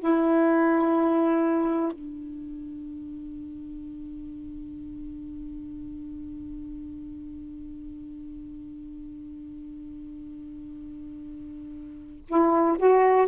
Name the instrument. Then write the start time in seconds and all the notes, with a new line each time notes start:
saxophone
0.00 E4
1.93 D4
12.29 E4
12.79 F#4